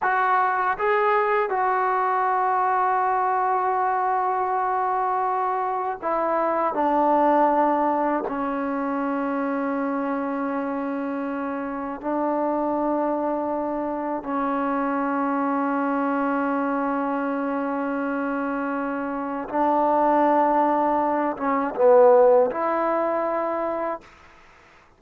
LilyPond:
\new Staff \with { instrumentName = "trombone" } { \time 4/4 \tempo 4 = 80 fis'4 gis'4 fis'2~ | fis'1 | e'4 d'2 cis'4~ | cis'1 |
d'2. cis'4~ | cis'1~ | cis'2 d'2~ | d'8 cis'8 b4 e'2 | }